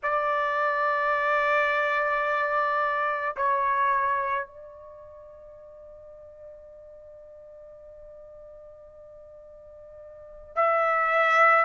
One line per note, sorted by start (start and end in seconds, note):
0.03 3.36 D5
3.36 4.46 C#5
4.46 10.56 D5
10.56 11.65 E5